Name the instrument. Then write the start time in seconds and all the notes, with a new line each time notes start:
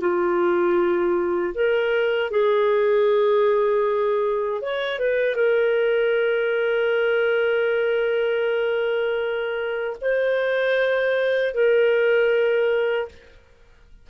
clarinet
0.00 F4
1.54 A#4
2.31 G#4
4.61 C#5
4.99 B4
5.35 A#4
10.01 C5
11.54 A#4